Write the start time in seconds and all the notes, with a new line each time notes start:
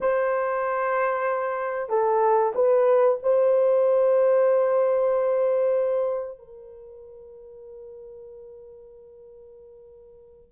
0.00 C5
1.89 A4
2.54 B4
3.22 C5
6.38 A#4